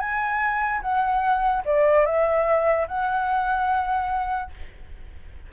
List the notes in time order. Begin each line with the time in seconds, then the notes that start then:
0.00 G#5
0.82 F#5
1.65 D5
2.06 E5
2.88 F#5